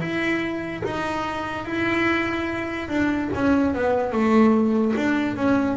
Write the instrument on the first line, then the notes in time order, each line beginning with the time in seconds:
double bass
0.00 E4
0.84 D#4
1.65 E4
2.88 D4
3.34 C#4
3.74 B3
4.12 A3
4.96 D4
5.36 C#4